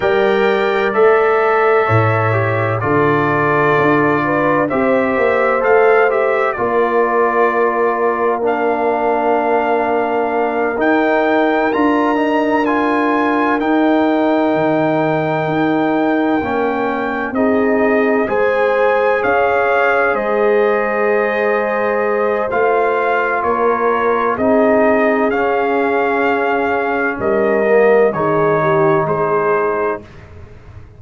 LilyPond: <<
  \new Staff \with { instrumentName = "trumpet" } { \time 4/4 \tempo 4 = 64 g''4 e''2 d''4~ | d''4 e''4 f''8 e''8 d''4~ | d''4 f''2~ f''8 g''8~ | g''8 ais''4 gis''4 g''4.~ |
g''2~ g''8 dis''4 gis''8~ | gis''8 f''4 dis''2~ dis''8 | f''4 cis''4 dis''4 f''4~ | f''4 dis''4 cis''4 c''4 | }
  \new Staff \with { instrumentName = "horn" } { \time 4/4 d''2 cis''4 a'4~ | a'8 b'8 c''2 ais'4~ | ais'1~ | ais'1~ |
ais'2~ ais'8 gis'4 c''8~ | c''8 cis''4 c''2~ c''8~ | c''4 ais'4 gis'2~ | gis'4 ais'4 gis'8 g'8 gis'4 | }
  \new Staff \with { instrumentName = "trombone" } { \time 4/4 ais'4 a'4. g'8 f'4~ | f'4 g'4 a'8 g'8 f'4~ | f'4 d'2~ d'8 dis'8~ | dis'8 f'8 dis'8 f'4 dis'4.~ |
dis'4. cis'4 dis'4 gis'8~ | gis'1 | f'2 dis'4 cis'4~ | cis'4. ais8 dis'2 | }
  \new Staff \with { instrumentName = "tuba" } { \time 4/4 g4 a4 a,4 d4 | d'4 c'8 ais8 a4 ais4~ | ais2.~ ais8 dis'8~ | dis'8 d'2 dis'4 dis8~ |
dis8 dis'4 ais4 c'4 gis8~ | gis8 cis'4 gis2~ gis8 | a4 ais4 c'4 cis'4~ | cis'4 g4 dis4 gis4 | }
>>